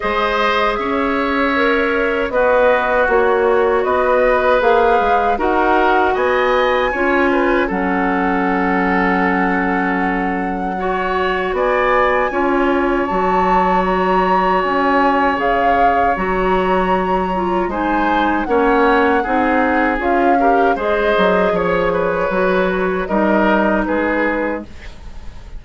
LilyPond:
<<
  \new Staff \with { instrumentName = "flute" } { \time 4/4 \tempo 4 = 78 dis''4 e''2 dis''4 | cis''4 dis''4 f''4 fis''4 | gis''2 fis''2~ | fis''2. gis''4~ |
gis''4 a''4 ais''4 gis''4 | f''4 ais''2 gis''4 | fis''2 f''4 dis''4 | cis''2 dis''4 b'4 | }
  \new Staff \with { instrumentName = "oboe" } { \time 4/4 c''4 cis''2 fis'4~ | fis'4 b'2 ais'4 | dis''4 cis''8 b'8 a'2~ | a'2 cis''4 d''4 |
cis''1~ | cis''2. c''4 | cis''4 gis'4. ais'8 c''4 | cis''8 b'4. ais'4 gis'4 | }
  \new Staff \with { instrumentName = "clarinet" } { \time 4/4 gis'2 ais'4 b'4 | fis'2 gis'4 fis'4~ | fis'4 f'4 cis'2~ | cis'2 fis'2 |
f'4 fis'2. | gis'4 fis'4. f'8 dis'4 | cis'4 dis'4 f'8 g'8 gis'4~ | gis'4 fis'4 dis'2 | }
  \new Staff \with { instrumentName = "bassoon" } { \time 4/4 gis4 cis'2 b4 | ais4 b4 ais8 gis8 dis'4 | b4 cis'4 fis2~ | fis2. b4 |
cis'4 fis2 cis'4 | cis4 fis2 gis4 | ais4 c'4 cis'4 gis8 fis8 | f4 fis4 g4 gis4 | }
>>